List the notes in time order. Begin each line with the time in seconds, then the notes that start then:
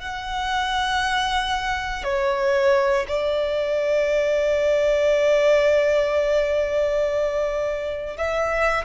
0.00 F#5
2.04 C#5
3.08 D5
8.18 E5